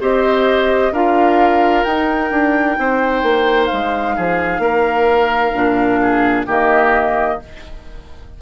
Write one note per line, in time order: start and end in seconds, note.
0.00 0.92 C4
0.00 0.93 G4
0.00 0.92 C5
0.00 0.93 D#5
0.92 1.84 D4
0.92 1.87 F4
0.92 2.77 A#4
0.92 1.84 F5
1.84 2.31 D#4
1.84 5.55 D#4
1.84 3.66 G5
2.31 2.77 D4
2.78 3.22 C4
2.78 4.16 C5
3.22 3.69 A#3
3.66 6.43 F5
3.72 4.17 G#3
4.16 4.59 F3
4.16 4.61 G#4
4.59 5.51 A#3
4.59 6.00 A#4
5.54 6.47 A#2
5.54 6.47 D4
6.02 6.46 G#4
6.46 7.39 D#3
6.46 7.40 A#3
6.46 7.38 G4
6.46 7.42 D#5